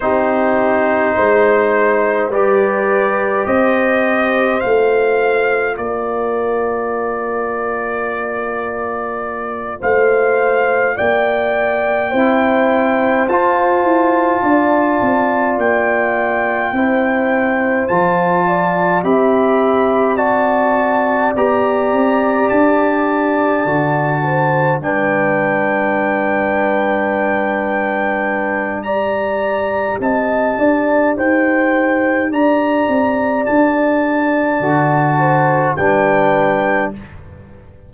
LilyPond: <<
  \new Staff \with { instrumentName = "trumpet" } { \time 4/4 \tempo 4 = 52 c''2 d''4 dis''4 | f''4 d''2.~ | d''8 f''4 g''2 a''8~ | a''4. g''2 a''8~ |
a''8 b''4 a''4 ais''4 a''8~ | a''4. g''2~ g''8~ | g''4 ais''4 a''4 g''4 | ais''4 a''2 g''4 | }
  \new Staff \with { instrumentName = "horn" } { \time 4/4 g'4 c''4 b'4 c''4~ | c''4 ais'2.~ | ais'8 c''4 d''4 c''4.~ | c''8 d''2 c''4. |
d''8 e''4 d''2~ d''8~ | d''4 c''8 b'2~ b'8~ | b'4 d''4 dis''8 d''8 c''4 | d''2~ d''8 c''8 b'4 | }
  \new Staff \with { instrumentName = "trombone" } { \time 4/4 dis'2 g'2 | f'1~ | f'2~ f'8 e'4 f'8~ | f'2~ f'8 e'4 f'8~ |
f'8 g'4 fis'4 g'4.~ | g'8 fis'4 d'2~ d'8~ | d'4 g'2.~ | g'2 fis'4 d'4 | }
  \new Staff \with { instrumentName = "tuba" } { \time 4/4 c'4 gis4 g4 c'4 | a4 ais2.~ | ais8 a4 ais4 c'4 f'8 | e'8 d'8 c'8 ais4 c'4 f8~ |
f8 c'2 b8 c'8 d'8~ | d'8 d4 g2~ g8~ | g2 c'8 d'8 dis'4 | d'8 c'8 d'4 d4 g4 | }
>>